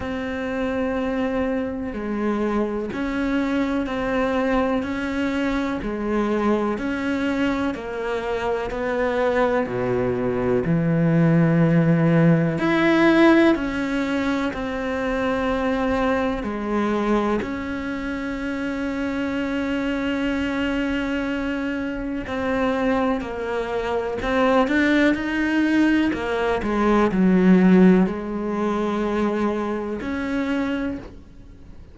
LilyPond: \new Staff \with { instrumentName = "cello" } { \time 4/4 \tempo 4 = 62 c'2 gis4 cis'4 | c'4 cis'4 gis4 cis'4 | ais4 b4 b,4 e4~ | e4 e'4 cis'4 c'4~ |
c'4 gis4 cis'2~ | cis'2. c'4 | ais4 c'8 d'8 dis'4 ais8 gis8 | fis4 gis2 cis'4 | }